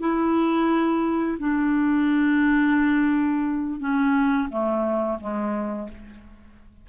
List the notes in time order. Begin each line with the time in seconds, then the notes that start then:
0.00 E4
1.39 D4
3.80 C#4
4.50 A3
5.20 G#3